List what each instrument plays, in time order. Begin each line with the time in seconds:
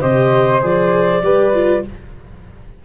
0.00 tuba C3, viola G4, flute C5, clarinet D#5
0.61 tuba F3, viola G#4, clarinet D5
1.22 tuba G3, viola G4, flute B4
1.53 viola F4